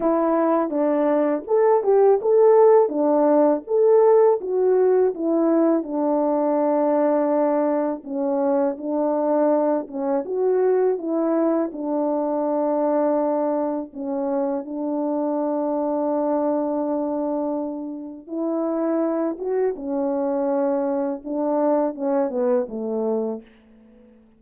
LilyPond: \new Staff \with { instrumentName = "horn" } { \time 4/4 \tempo 4 = 82 e'4 d'4 a'8 g'8 a'4 | d'4 a'4 fis'4 e'4 | d'2. cis'4 | d'4. cis'8 fis'4 e'4 |
d'2. cis'4 | d'1~ | d'4 e'4. fis'8 cis'4~ | cis'4 d'4 cis'8 b8 a4 | }